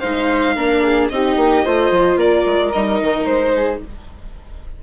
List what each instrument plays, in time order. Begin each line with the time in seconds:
0.00 bassoon G#3, viola D#4, flute C5, violin F5
0.55 bassoon A#3, viola D4, flute A#4
0.82 flute G#4
1.09 bassoon C4, viola D#4, flute G4, violin D#5
1.36 bassoon A#3
1.65 bassoon A3, viola F4, flute C5
1.91 bassoon F3
2.16 bassoon A#3, flute A#4, violin D5
2.45 bassoon G#3
2.72 bassoon G3, viola D#4, violin D#5
3.01 bassoon D#3
3.25 bassoon G#3, violin C5
3.53 flute G#4